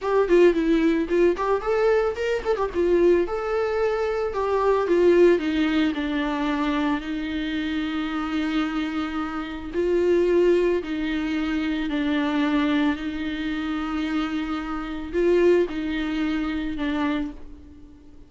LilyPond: \new Staff \with { instrumentName = "viola" } { \time 4/4 \tempo 4 = 111 g'8 f'8 e'4 f'8 g'8 a'4 | ais'8 a'16 g'16 f'4 a'2 | g'4 f'4 dis'4 d'4~ | d'4 dis'2.~ |
dis'2 f'2 | dis'2 d'2 | dis'1 | f'4 dis'2 d'4 | }